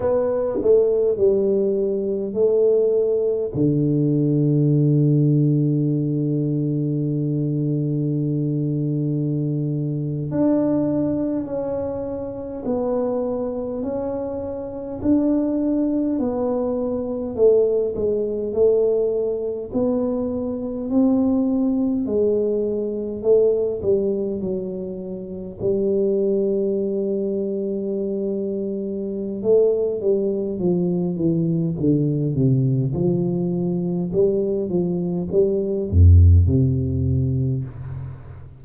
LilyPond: \new Staff \with { instrumentName = "tuba" } { \time 4/4 \tempo 4 = 51 b8 a8 g4 a4 d4~ | d1~ | d8. d'4 cis'4 b4 cis'16~ | cis'8. d'4 b4 a8 gis8 a16~ |
a8. b4 c'4 gis4 a16~ | a16 g8 fis4 g2~ g16~ | g4 a8 g8 f8 e8 d8 c8 | f4 g8 f8 g8 f,8 c4 | }